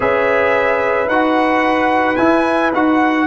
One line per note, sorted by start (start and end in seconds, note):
0.00 1.06 C#4
0.00 1.07 G#4
0.00 3.26 B4
0.00 1.08 E5
1.06 2.15 D#4
1.06 2.17 F#4
1.06 2.16 F#5
2.16 2.72 E4
2.16 2.73 E4
2.16 2.70 G#5
2.73 3.26 D#4
2.73 3.26 F#4
2.73 3.26 F#5